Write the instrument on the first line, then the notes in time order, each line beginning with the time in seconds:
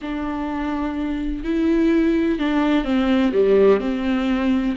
viola
0.01 D4
1.44 E4
2.38 D4
2.84 C4
3.32 G3
3.80 C4